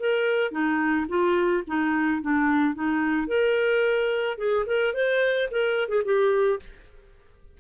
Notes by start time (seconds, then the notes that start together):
0.00 A#4
0.52 D#4
1.09 F4
1.68 D#4
2.22 D4
2.75 D#4
3.28 A#4
4.38 G#4
4.67 A#4
4.94 C5
5.51 A#4
5.89 G#4
6.05 G4